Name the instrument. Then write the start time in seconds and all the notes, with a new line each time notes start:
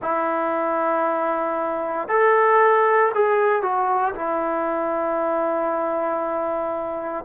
trombone
0.01 E4
2.08 A4
3.14 G#4
3.62 F#4
4.14 E4